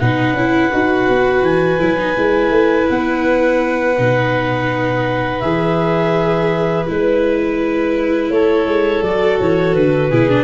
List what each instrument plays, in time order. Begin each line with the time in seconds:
0.00 tuba B2, viola D#4, violin B4, clarinet F#5
0.33 tuba C#4, viola E4
0.72 tuba D#4, viola F#4
1.09 tuba B3
1.42 tuba E3, clarinet G#5
1.80 tuba F#3, viola E4
1.99 viola D#4
2.16 tuba G#3, viola E4
2.51 tuba A3
2.90 tuba B3, clarinet F#5
3.98 tuba B2, viola D#4
5.40 tuba E3, viola G#4, clarinet E5
6.87 tuba G#3, viola E4, clarinet B4
8.30 tuba A3, violin A4, clarinet C#5
8.66 tuba G#3
9.02 tuba F#3, viola F#4, clarinet D5
9.40 tuba E3, clarinet C#5
9.75 tuba D3, clarinet B4
10.10 tuba B2, viola E4, violin G#4
10.29 viola D4